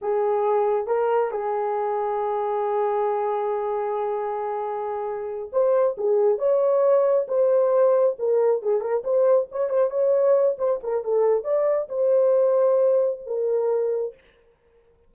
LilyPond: \new Staff \with { instrumentName = "horn" } { \time 4/4 \tempo 4 = 136 gis'2 ais'4 gis'4~ | gis'1~ | gis'1~ | gis'8 c''4 gis'4 cis''4.~ |
cis''8 c''2 ais'4 gis'8 | ais'8 c''4 cis''8 c''8 cis''4. | c''8 ais'8 a'4 d''4 c''4~ | c''2 ais'2 | }